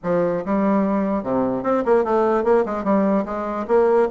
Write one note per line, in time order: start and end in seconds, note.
0.03 0.44 F3
0.45 1.23 G3
1.23 1.63 C3
1.63 1.83 C4
1.85 2.04 A#3
2.04 2.43 A3
2.43 2.64 A#3
2.65 2.83 G#3
2.83 3.24 G3
3.25 3.66 G#3
3.67 4.08 A#3